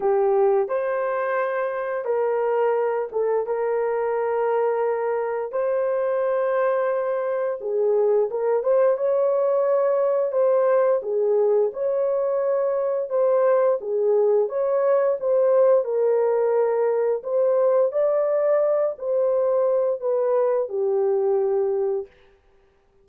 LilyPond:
\new Staff \with { instrumentName = "horn" } { \time 4/4 \tempo 4 = 87 g'4 c''2 ais'4~ | ais'8 a'8 ais'2. | c''2. gis'4 | ais'8 c''8 cis''2 c''4 |
gis'4 cis''2 c''4 | gis'4 cis''4 c''4 ais'4~ | ais'4 c''4 d''4. c''8~ | c''4 b'4 g'2 | }